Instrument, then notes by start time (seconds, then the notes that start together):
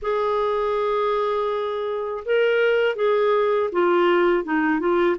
clarinet
0.02 G#4
2.25 A#4
2.95 G#4
3.72 F4
4.43 D#4
4.79 F4